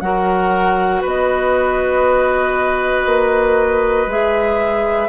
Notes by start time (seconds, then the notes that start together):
0.00 F#3 F#4 A#4 F#5
1.01 B3 B4 D#5
3.05 A#3
4.06 G#3 G#4 E5